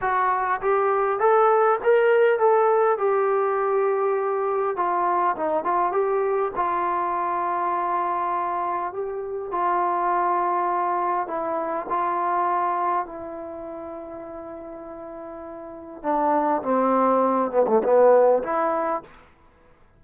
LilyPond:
\new Staff \with { instrumentName = "trombone" } { \time 4/4 \tempo 4 = 101 fis'4 g'4 a'4 ais'4 | a'4 g'2. | f'4 dis'8 f'8 g'4 f'4~ | f'2. g'4 |
f'2. e'4 | f'2 e'2~ | e'2. d'4 | c'4. b16 a16 b4 e'4 | }